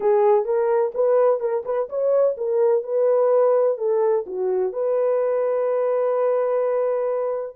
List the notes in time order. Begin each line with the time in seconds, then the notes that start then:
0.00 G#4
0.44 A#4
0.94 B4
1.40 A#4
1.65 B4
1.89 C#5
2.37 A#4
2.83 B4
3.77 A4
4.26 F#4
4.72 B4